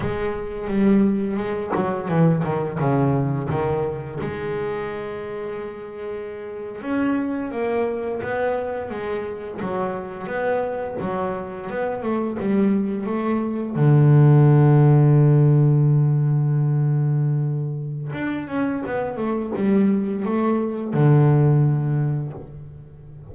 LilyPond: \new Staff \with { instrumentName = "double bass" } { \time 4/4 \tempo 4 = 86 gis4 g4 gis8 fis8 e8 dis8 | cis4 dis4 gis2~ | gis4.~ gis16 cis'4 ais4 b16~ | b8. gis4 fis4 b4 fis16~ |
fis8. b8 a8 g4 a4 d16~ | d1~ | d2 d'8 cis'8 b8 a8 | g4 a4 d2 | }